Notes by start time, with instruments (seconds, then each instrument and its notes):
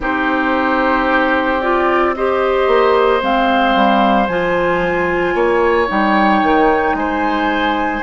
0.00 bassoon C4, clarinet D#4, oboe G4, flute C5
1.60 clarinet F4, flute D5
2.15 clarinet G4, oboe C5, flute D#5
2.67 bassoon A#3
3.21 bassoon G#3, clarinet C4, flute F5
3.75 bassoon G3
4.27 bassoon F3, clarinet F4, flute G#5
5.34 bassoon A#3, oboe C#5
5.87 bassoon G3, clarinet D#4, flute G5
6.42 bassoon D#3
6.93 bassoon G#3, oboe C5, flute G#5